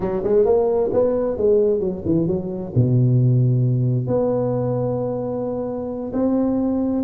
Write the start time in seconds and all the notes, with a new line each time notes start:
0.00 F#3
0.23 G#3
0.45 A#3
0.92 B3
1.37 G#3
1.80 F#3
2.05 E3
2.27 F#3
2.75 B2
4.07 B3
6.12 C4